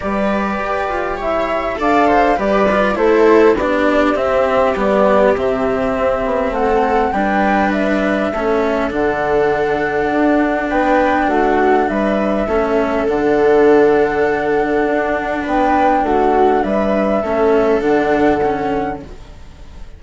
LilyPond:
<<
  \new Staff \with { instrumentName = "flute" } { \time 4/4 \tempo 4 = 101 d''2 e''4 f''4 | d''4 c''4 d''4 e''4 | d''4 e''2 fis''4 | g''4 e''2 fis''4~ |
fis''2 g''4 fis''4 | e''2 fis''2~ | fis''2 g''4 fis''4 | e''2 fis''2 | }
  \new Staff \with { instrumentName = "viola" } { \time 4/4 b'2 cis''4 d''8 c''8 | b'4 a'4 g'2~ | g'2. a'4 | b'2 a'2~ |
a'2 b'4 fis'4 | b'4 a'2.~ | a'2 b'4 fis'4 | b'4 a'2. | }
  \new Staff \with { instrumentName = "cello" } { \time 4/4 g'2. a'4 | g'8 f'8 e'4 d'4 c'4 | b4 c'2. | d'2 cis'4 d'4~ |
d'1~ | d'4 cis'4 d'2~ | d'1~ | d'4 cis'4 d'4 cis'4 | }
  \new Staff \with { instrumentName = "bassoon" } { \time 4/4 g4 g'8 f'8 e'4 d'4 | g4 a4 b4 c'4 | g4 c4 c'8 b8 a4 | g2 a4 d4~ |
d4 d'4 b4 a4 | g4 a4 d2~ | d4 d'4 b4 a4 | g4 a4 d2 | }
>>